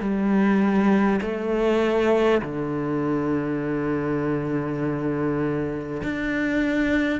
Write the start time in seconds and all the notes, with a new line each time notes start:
0.00 G3
1.21 A3
2.42 D3
6.03 D4